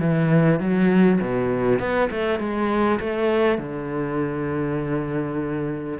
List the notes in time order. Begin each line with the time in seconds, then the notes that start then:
0.00 E3
0.60 F#3
1.21 B2
1.79 B3
2.11 A3
2.39 G#3
3.00 A3
3.58 D3